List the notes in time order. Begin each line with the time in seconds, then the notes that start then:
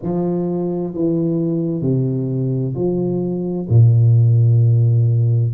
0.02 F3
0.94 E3
1.81 C3
2.75 F3
3.69 A#2